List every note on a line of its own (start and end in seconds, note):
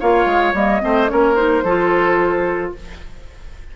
0.00 0.26 A#3
0.00 0.54 F4
0.00 0.82 C#5
0.00 0.55 F5
0.26 0.53 G#3
0.54 0.81 G3
0.54 0.81 A#3
0.54 1.09 D#5
0.81 1.11 A3
0.81 1.07 C4
0.81 1.11 C5
1.07 1.63 A#3
1.07 1.35 C#4
1.07 1.64 A#4
1.07 1.36 C#5
1.36 1.63 D#4
1.36 2.72 C5
1.63 2.72 F3
1.63 2.76 F4
1.63 2.73 A4